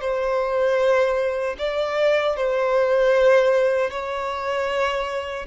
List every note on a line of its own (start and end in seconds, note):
0.00 1.56 C5
1.58 2.36 D5
2.36 3.90 C5
3.90 5.46 C#5